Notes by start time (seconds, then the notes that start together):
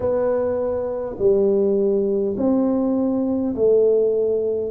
0.00 B3
1.18 G3
2.37 C4
3.55 A3